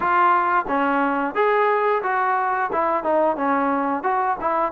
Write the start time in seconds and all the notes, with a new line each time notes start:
0.00 F4
0.67 C#4
1.34 G#4
2.03 F#4
2.72 E4
3.03 D#4
3.36 C#4
4.03 F#4
4.40 E4